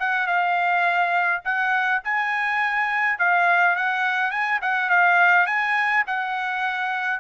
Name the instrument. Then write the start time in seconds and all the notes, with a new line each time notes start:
trumpet
0.00 F#5
0.27 F5
1.44 F#5
2.04 G#5
3.19 F5
3.76 F#5
4.31 G#5
4.62 F#5
4.90 F5
5.47 G#5
6.07 F#5